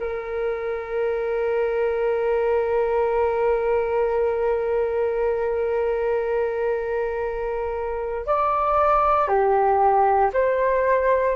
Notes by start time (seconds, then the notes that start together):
0.00 A#4
8.26 D5
9.28 G4
10.33 C5